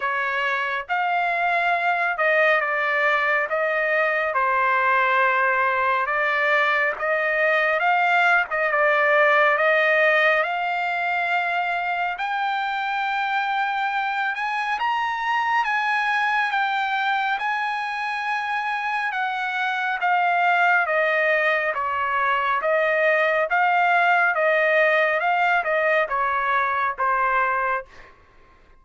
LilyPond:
\new Staff \with { instrumentName = "trumpet" } { \time 4/4 \tempo 4 = 69 cis''4 f''4. dis''8 d''4 | dis''4 c''2 d''4 | dis''4 f''8. dis''16 d''4 dis''4 | f''2 g''2~ |
g''8 gis''8 ais''4 gis''4 g''4 | gis''2 fis''4 f''4 | dis''4 cis''4 dis''4 f''4 | dis''4 f''8 dis''8 cis''4 c''4 | }